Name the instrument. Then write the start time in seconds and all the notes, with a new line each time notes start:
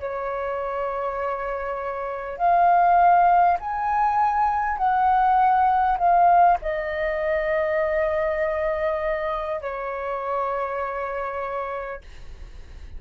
flute
0.00 C#5
2.38 F5
3.61 G#5
4.78 F#5
5.98 F5
6.62 D#5
9.62 C#5